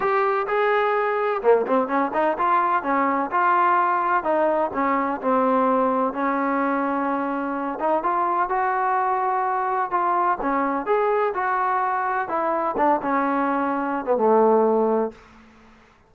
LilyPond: \new Staff \with { instrumentName = "trombone" } { \time 4/4 \tempo 4 = 127 g'4 gis'2 ais8 c'8 | cis'8 dis'8 f'4 cis'4 f'4~ | f'4 dis'4 cis'4 c'4~ | c'4 cis'2.~ |
cis'8 dis'8 f'4 fis'2~ | fis'4 f'4 cis'4 gis'4 | fis'2 e'4 d'8 cis'8~ | cis'4.~ cis'16 b16 a2 | }